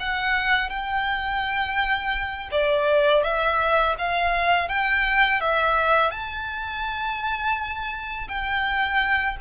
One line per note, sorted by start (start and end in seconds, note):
0.00 0.70 F#5
0.70 2.50 G5
2.52 3.24 D5
3.24 3.96 E5
3.99 4.69 F5
4.69 5.41 G5
5.41 6.12 E5
6.12 8.28 A5
8.29 9.37 G5